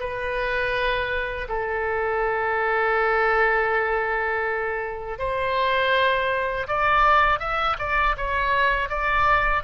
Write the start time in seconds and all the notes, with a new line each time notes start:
0.00 B4
1.49 A4
5.19 C5
6.68 D5
7.40 E5
7.79 D5
8.17 C#5
8.89 D5